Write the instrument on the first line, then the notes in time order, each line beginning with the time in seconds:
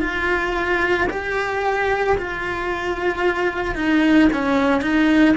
cello
0.00 F4
1.10 G4
2.18 F4
3.75 D#4
4.32 C#4
4.81 D#4